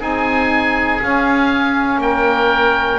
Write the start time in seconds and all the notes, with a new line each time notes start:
0.00 C4 D#4 G#4 G#5
1.02 C#4 F5
1.98 A#3 A#4 G5